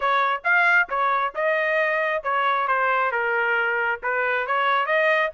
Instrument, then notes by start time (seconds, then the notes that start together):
trumpet
0.00 C#5
0.43 F5
0.89 C#5
1.35 D#5
2.23 C#5
2.67 C5
3.11 A#4
4.02 B4
4.46 C#5
4.86 D#5